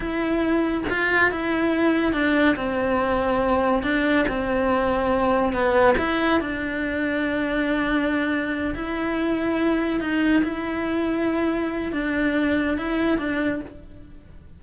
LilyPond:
\new Staff \with { instrumentName = "cello" } { \time 4/4 \tempo 4 = 141 e'2 f'4 e'4~ | e'4 d'4 c'2~ | c'4 d'4 c'2~ | c'4 b4 e'4 d'4~ |
d'1~ | d'8 e'2. dis'8~ | dis'8 e'2.~ e'8 | d'2 e'4 d'4 | }